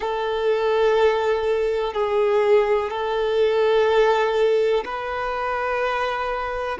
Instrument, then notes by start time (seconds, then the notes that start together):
violin
0.00 A4
1.94 G#4
2.90 A4
4.84 B4